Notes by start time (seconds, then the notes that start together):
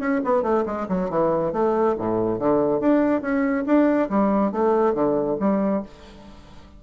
0.00 C#4
0.25 B3
0.43 A3
0.66 G#3
0.89 F#3
1.10 E3
1.53 A3
1.99 A2
2.39 D3
2.81 D4
3.22 C#4
3.67 D4
4.10 G3
4.52 A3
4.95 D3
5.40 G3